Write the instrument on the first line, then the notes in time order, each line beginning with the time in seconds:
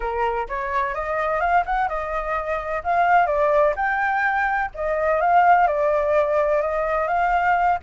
flute
0.00 A#4
0.48 C#5
0.94 D#5
1.40 F5
1.65 F#5
1.88 D#5
2.83 F5
3.26 D5
3.76 G5
4.74 D#5
5.21 F5
5.67 D5
6.61 D#5
7.07 F5